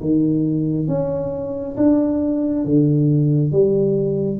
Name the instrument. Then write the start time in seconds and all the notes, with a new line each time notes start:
tuba
0.00 D#3
0.87 C#4
1.77 D4
2.65 D3
3.52 G3